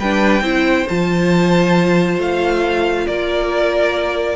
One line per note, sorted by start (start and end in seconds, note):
0.00 0.42 G3
0.00 0.43 D4
0.00 0.43 B4
0.00 0.88 G5
0.42 0.85 C4
0.42 0.87 E4
0.42 3.06 C5
0.89 2.19 F3
0.89 4.36 F4
0.89 2.20 A5
2.19 3.06 A3
2.19 3.07 F5
3.07 4.36 A#3
3.07 4.36 A#4
3.07 4.36 D5